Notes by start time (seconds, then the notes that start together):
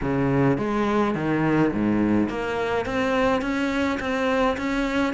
0.01 C#3
0.57 G#3
1.15 D#3
1.73 G#2
2.29 A#3
2.85 C4
3.41 C#4
3.99 C4
4.57 C#4